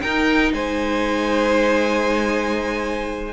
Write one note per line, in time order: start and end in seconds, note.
0.00 3.33 D#4
0.00 0.53 D#4
0.00 0.53 A#4
0.00 0.52 G5
0.53 3.33 G#3
0.53 3.33 C5
0.53 3.33 G#5